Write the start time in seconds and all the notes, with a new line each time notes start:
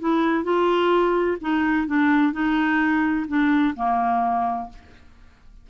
0.00 E4
0.44 F4
1.41 D#4
1.87 D4
2.33 D#4
3.28 D4
3.76 A#3